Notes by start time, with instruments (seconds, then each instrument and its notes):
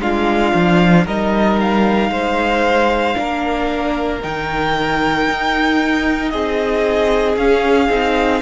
0.00 cello G#3, viola D4, violin F4 F5
0.54 cello F3
1.06 cello G3, viola D#4, violin A#4 D#5
1.61 violin F5
2.10 cello G#3, violin C5
3.15 cello A#3, viola D4, violin A#4
4.21 cello D#3, viola D#4, violin G5
5.29 cello D#4
6.30 cello C4, violin G#4 D#5
7.37 cello C#4, viola C#4, violin F5
7.89 cello C4, viola D#4